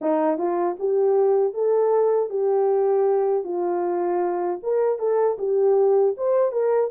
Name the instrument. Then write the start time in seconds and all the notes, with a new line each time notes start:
horn
0.01 D#4
0.37 F4
0.79 G4
1.53 A4
2.29 G4
3.44 F4
4.62 A#4
4.98 A4
5.38 G4
6.17 C5
6.52 A#4